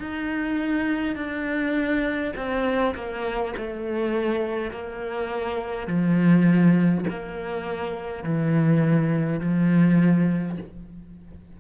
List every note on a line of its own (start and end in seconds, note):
0.00 1.16 D#4
1.16 2.34 D4
2.36 2.95 C4
2.95 3.54 A#3
3.58 4.71 A3
4.71 5.87 A#3
5.87 7.05 F3
7.10 8.24 A#3
8.24 9.40 E3
9.40 10.58 F3